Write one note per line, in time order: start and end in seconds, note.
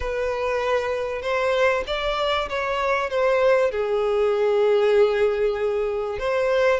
0.00 1.21 B4
1.21 1.83 C5
1.87 2.49 D5
2.49 3.09 C#5
3.09 3.71 C5
3.71 6.18 G#4
6.19 6.80 C5